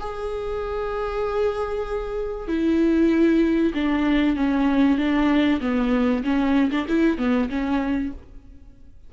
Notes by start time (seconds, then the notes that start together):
0.00 G#4
2.48 E4
3.74 D4
4.36 C#4
4.98 D4
5.61 B3
6.24 C#4
6.71 D4
6.88 E4
7.18 B3
7.49 C#4